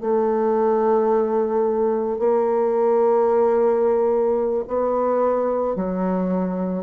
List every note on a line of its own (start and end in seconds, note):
0.00 2.18 A3
2.19 4.64 A#3
4.67 5.75 B3
5.75 6.83 F#3